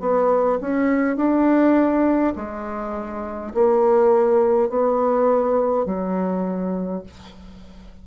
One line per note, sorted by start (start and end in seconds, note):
0.00 0.59 B3
0.61 1.17 C#4
1.17 2.34 D4
2.36 3.53 G#3
3.55 4.70 A#3
4.70 5.86 B3
5.86 7.03 F#3